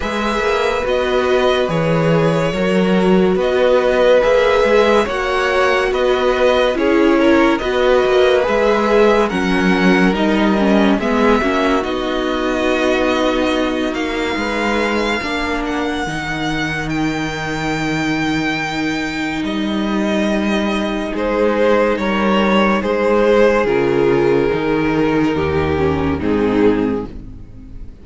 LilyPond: <<
  \new Staff \with { instrumentName = "violin" } { \time 4/4 \tempo 4 = 71 e''4 dis''4 cis''2 | dis''4 e''4 fis''4 dis''4 | cis''4 dis''4 e''4 fis''4 | dis''4 e''4 dis''2~ |
dis''8 f''2 fis''4. | g''2. dis''4~ | dis''4 c''4 cis''4 c''4 | ais'2. gis'4 | }
  \new Staff \with { instrumentName = "violin" } { \time 4/4 b'2. ais'4 | b'2 cis''4 b'4 | gis'8 ais'8 b'2 ais'4~ | ais'4 gis'8 fis'2~ fis'8~ |
fis'4 b'4 ais'2~ | ais'1~ | ais'4 gis'4 ais'4 gis'4~ | gis'2 g'4 dis'4 | }
  \new Staff \with { instrumentName = "viola" } { \time 4/4 gis'4 fis'4 gis'4 fis'4~ | fis'4 gis'4 fis'2 | e'4 fis'4 gis'4 cis'4 | dis'8 cis'8 b8 cis'8 dis'2~ |
dis'2 d'4 dis'4~ | dis'1~ | dis'1 | f'4 dis'4. cis'8 c'4 | }
  \new Staff \with { instrumentName = "cello" } { \time 4/4 gis8 ais8 b4 e4 fis4 | b4 ais8 gis8 ais4 b4 | cis'4 b8 ais8 gis4 fis4 | g4 gis8 ais8 b2~ |
b8 ais8 gis4 ais4 dis4~ | dis2. g4~ | g4 gis4 g4 gis4 | cis4 dis4 dis,4 gis,4 | }
>>